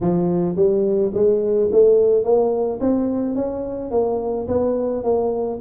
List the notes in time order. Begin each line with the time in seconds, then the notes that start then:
0.00 F3
0.56 G3
1.13 G#3
1.72 A3
2.23 A#3
2.80 C4
3.35 C#4
3.90 A#3
4.47 B3
5.03 A#3